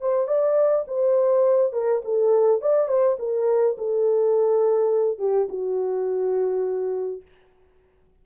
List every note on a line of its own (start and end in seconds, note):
0.00 0.27 C5
0.27 0.85 D5
0.87 1.72 C5
1.72 2.01 A#4
2.04 2.61 A4
2.61 2.88 D5
2.88 3.17 C5
3.19 3.76 A#4
3.78 5.18 A4
5.18 5.47 G4
5.48 7.21 F#4